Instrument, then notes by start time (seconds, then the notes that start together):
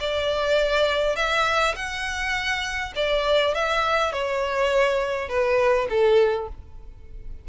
violin
0.00 D5
1.16 E5
1.76 F#5
2.96 D5
3.54 E5
4.13 C#5
5.29 B4
5.90 A4